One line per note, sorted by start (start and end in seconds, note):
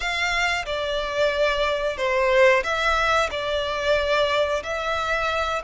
0.00 0.65 F5
0.65 1.97 D5
1.97 2.63 C5
2.63 3.29 E5
3.31 4.62 D5
4.63 5.62 E5